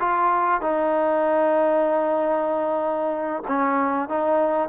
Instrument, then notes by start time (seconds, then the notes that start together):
trombone
0.00 F4
0.61 D#4
3.47 C#4
4.09 D#4